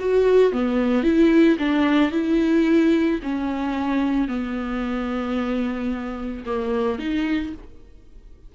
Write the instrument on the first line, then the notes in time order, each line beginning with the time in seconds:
viola
0.00 F#4
0.53 B3
1.04 E4
1.59 D4
2.12 E4
3.23 C#4
4.28 B3
6.46 A#3
6.99 D#4